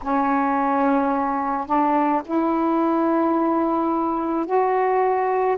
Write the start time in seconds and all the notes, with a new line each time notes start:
0.02 C#4
1.66 D4
2.25 E4
4.45 F#4